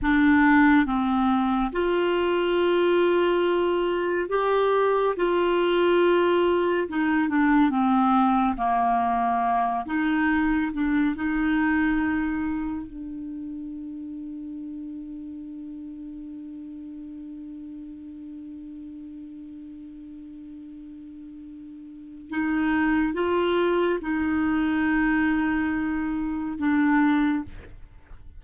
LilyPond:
\new Staff \with { instrumentName = "clarinet" } { \time 4/4 \tempo 4 = 70 d'4 c'4 f'2~ | f'4 g'4 f'2 | dis'8 d'8 c'4 ais4. dis'8~ | dis'8 d'8 dis'2 d'4~ |
d'1~ | d'1~ | d'2 dis'4 f'4 | dis'2. d'4 | }